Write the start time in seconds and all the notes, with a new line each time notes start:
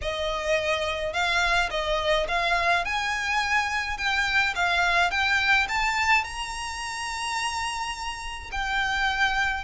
0.01 D#5
1.13 F5
1.70 D#5
2.28 F5
2.85 G#5
3.97 G5
4.55 F5
5.10 G5
5.68 A5
6.24 A#5
8.51 G5